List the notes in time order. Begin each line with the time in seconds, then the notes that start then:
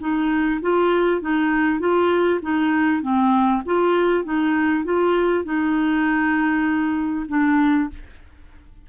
0.00 D#4
0.61 F4
1.21 D#4
1.80 F4
2.42 D#4
3.02 C4
3.66 F4
4.24 D#4
4.85 F4
5.44 D#4
7.29 D4